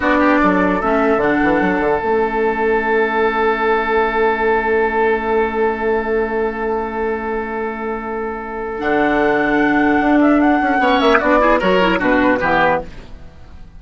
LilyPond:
<<
  \new Staff \with { instrumentName = "flute" } { \time 4/4 \tempo 4 = 150 d''2 e''4 fis''4~ | fis''4 e''2.~ | e''1~ | e''1~ |
e''1~ | e''2 fis''2~ | fis''4. e''8 fis''4. e''8 | d''4 cis''4 b'2 | }
  \new Staff \with { instrumentName = "oboe" } { \time 4/4 fis'8 g'8 a'2.~ | a'1~ | a'1~ | a'1~ |
a'1~ | a'1~ | a'2. cis''4 | fis'8 gis'8 ais'4 fis'4 g'4 | }
  \new Staff \with { instrumentName = "clarinet" } { \time 4/4 d'2 cis'4 d'4~ | d'4 cis'2.~ | cis'1~ | cis'1~ |
cis'1~ | cis'2 d'2~ | d'2. cis'4 | d'8 e'8 fis'8 e'8 d'4 b4 | }
  \new Staff \with { instrumentName = "bassoon" } { \time 4/4 b4 fis4 a4 d8 e8 | fis8 d8 a2.~ | a1~ | a1~ |
a1~ | a2 d2~ | d4 d'4. cis'8 b8 ais8 | b4 fis4 b,4 e4 | }
>>